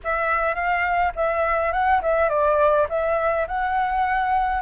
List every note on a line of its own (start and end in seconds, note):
0.04 0.55 E5
0.55 1.12 F5
1.15 1.72 E5
1.72 2.01 F#5
2.01 2.29 E5
2.29 2.87 D5
2.89 3.47 E5
3.47 4.62 F#5